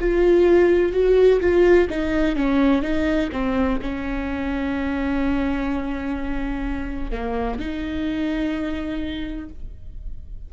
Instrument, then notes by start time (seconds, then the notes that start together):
viola
0.00 F4
0.92 F#4
1.40 F4
1.90 D#4
2.35 C#4
2.82 D#4
3.32 C4
3.81 C#4
7.11 A#3
7.58 D#4